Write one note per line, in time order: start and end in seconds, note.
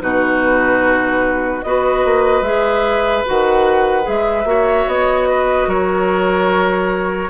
0.00 1.64 B2
0.00 1.62 D#4
0.00 1.65 F#4
0.00 1.62 B4
1.62 2.05 B3
1.62 2.43 F#4
1.62 4.49 B4
1.62 2.43 D#5
2.05 2.41 A#3
2.41 3.22 G#3
2.41 3.24 G#4
2.41 3.24 E5
3.25 4.07 D#3
3.25 4.02 F#4
3.25 4.08 F#5
4.02 4.45 G#3
4.02 4.43 G#4
4.08 4.88 E5
4.45 4.85 A#3
4.45 7.29 F#4
4.45 5.28 C#5
4.87 5.67 B3
4.87 5.69 D#5
5.28 5.68 B4
5.67 7.29 F#3
5.67 7.29 A#4
5.67 7.29 C#5